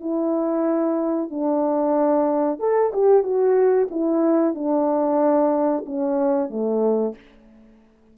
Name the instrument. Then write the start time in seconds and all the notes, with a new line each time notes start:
horn
0.00 E4
1.30 D4
2.59 A4
2.93 G4
3.23 F#4
3.90 E4
4.54 D4
5.86 C#4
6.50 A3